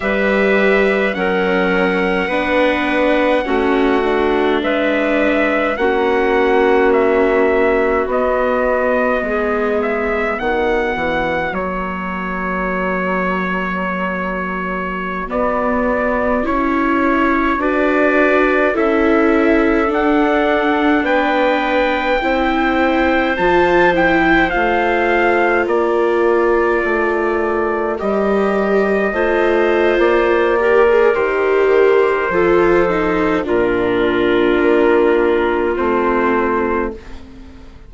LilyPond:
<<
  \new Staff \with { instrumentName = "trumpet" } { \time 4/4 \tempo 4 = 52 e''4 fis''2. | e''4 fis''4 e''4 dis''4~ | dis''8 e''8 fis''4 cis''2~ | cis''4~ cis''16 d''4 cis''4 d''8.~ |
d''16 e''4 fis''4 g''4.~ g''16~ | g''16 a''8 g''8 f''4 d''4.~ d''16~ | d''16 dis''4.~ dis''16 d''4 c''4~ | c''4 ais'2 c''4 | }
  \new Staff \with { instrumentName = "clarinet" } { \time 4/4 b'4 ais'4 b'4 fis'4 | b'4 fis'2. | gis'4 fis'2.~ | fis'2.~ fis'16 b'8.~ |
b'16 a'2 b'4 c''8.~ | c''2~ c''16 ais'4.~ ais'16~ | ais'4~ ais'16 c''4~ c''16 ais'4. | a'4 f'2. | }
  \new Staff \with { instrumentName = "viola" } { \time 4/4 g'4 cis'4 d'4 cis'8 d'8~ | d'4 cis'2 b4~ | b2 ais2~ | ais4~ ais16 b4 e'4 fis'8.~ |
fis'16 e'4 d'2 e'8.~ | e'16 f'8 e'8 f'2~ f'8.~ | f'16 g'4 f'4~ f'16 g'16 gis'16 g'4 | f'8 dis'8 d'2 c'4 | }
  \new Staff \with { instrumentName = "bassoon" } { \time 4/4 g4 fis4 b4 a4 | gis4 ais2 b4 | gis4 dis8 e8 fis2~ | fis4~ fis16 b4 cis'4 d'8.~ |
d'16 cis'4 d'4 b4 c'8.~ | c'16 f4 a4 ais4 a8.~ | a16 g4 a8. ais4 dis4 | f4 ais,4 ais4 a4 | }
>>